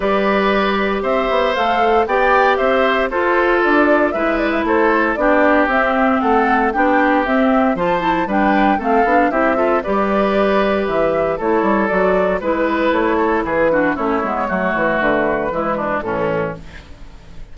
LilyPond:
<<
  \new Staff \with { instrumentName = "flute" } { \time 4/4 \tempo 4 = 116 d''2 e''4 f''4 | g''4 e''4 c''4 d''4 | e''8 d''16 e''16 c''4 d''4 e''4 | fis''4 g''4 e''4 a''4 |
g''4 f''4 e''4 d''4~ | d''4 e''4 cis''4 d''4 | b'4 cis''4 b'4 cis''4~ | cis''4 b'2 a'4 | }
  \new Staff \with { instrumentName = "oboe" } { \time 4/4 b'2 c''2 | d''4 c''4 a'2 | b'4 a'4 g'2 | a'4 g'2 c''4 |
b'4 a'4 g'8 a'8 b'4~ | b'2 a'2 | b'4. a'8 gis'8 fis'8 e'4 | fis'2 e'8 d'8 cis'4 | }
  \new Staff \with { instrumentName = "clarinet" } { \time 4/4 g'2. a'4 | g'2 f'2 | e'2 d'4 c'4~ | c'4 d'4 c'4 f'8 e'8 |
d'4 c'8 d'8 e'8 f'8 g'4~ | g'2 e'4 fis'4 | e'2~ e'8 d'8 cis'8 b8 | a2 gis4 e4 | }
  \new Staff \with { instrumentName = "bassoon" } { \time 4/4 g2 c'8 b8 a4 | b4 c'4 f'4 d'4 | gis4 a4 b4 c'4 | a4 b4 c'4 f4 |
g4 a8 b8 c'4 g4~ | g4 e4 a8 g8 fis4 | gis4 a4 e4 a8 gis8 | fis8 e8 d4 e4 a,4 | }
>>